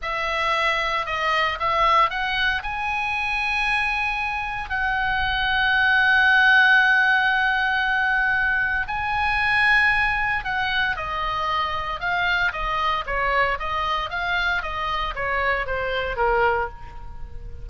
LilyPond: \new Staff \with { instrumentName = "oboe" } { \time 4/4 \tempo 4 = 115 e''2 dis''4 e''4 | fis''4 gis''2.~ | gis''4 fis''2.~ | fis''1~ |
fis''4 gis''2. | fis''4 dis''2 f''4 | dis''4 cis''4 dis''4 f''4 | dis''4 cis''4 c''4 ais'4 | }